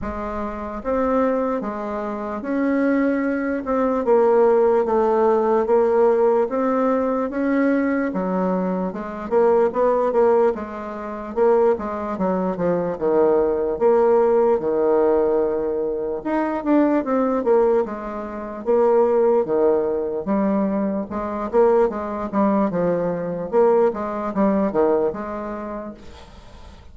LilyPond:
\new Staff \with { instrumentName = "bassoon" } { \time 4/4 \tempo 4 = 74 gis4 c'4 gis4 cis'4~ | cis'8 c'8 ais4 a4 ais4 | c'4 cis'4 fis4 gis8 ais8 | b8 ais8 gis4 ais8 gis8 fis8 f8 |
dis4 ais4 dis2 | dis'8 d'8 c'8 ais8 gis4 ais4 | dis4 g4 gis8 ais8 gis8 g8 | f4 ais8 gis8 g8 dis8 gis4 | }